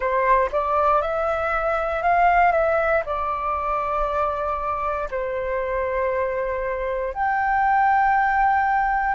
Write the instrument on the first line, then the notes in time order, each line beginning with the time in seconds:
flute
0.00 C5
0.51 D5
1.01 E5
2.02 F5
2.51 E5
3.05 D5
5.10 C5
7.14 G5